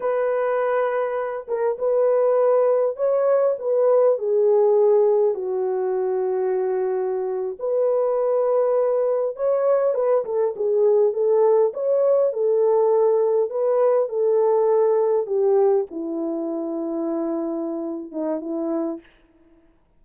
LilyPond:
\new Staff \with { instrumentName = "horn" } { \time 4/4 \tempo 4 = 101 b'2~ b'8 ais'8 b'4~ | b'4 cis''4 b'4 gis'4~ | gis'4 fis'2.~ | fis'8. b'2. cis''16~ |
cis''8. b'8 a'8 gis'4 a'4 cis''16~ | cis''8. a'2 b'4 a'16~ | a'4.~ a'16 g'4 e'4~ e'16~ | e'2~ e'8 dis'8 e'4 | }